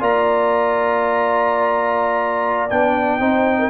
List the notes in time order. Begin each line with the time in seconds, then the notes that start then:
0.00 A#3 F4 D5 A#5
2.70 B3 D4 G5
3.19 C4 D#4 C5
3.58 A#4